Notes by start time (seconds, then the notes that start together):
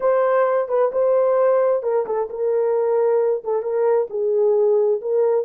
0.00 C5
0.68 B4
0.92 C5
1.82 A#4
2.06 A4
2.29 A#4
3.44 A4
3.62 A#4
4.10 G#4
5.01 A#4